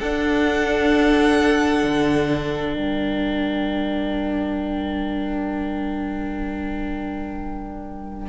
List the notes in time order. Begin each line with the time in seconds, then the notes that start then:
0.00 D4 A4 F#5
1.84 D3
2.74 G3 A#4 G5